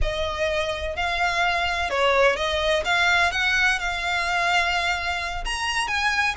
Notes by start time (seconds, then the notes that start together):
0.01 D#5
0.96 F5
1.89 C#5
2.36 D#5
2.85 F5
3.31 F#5
3.79 F5
5.44 A#5
5.87 G#5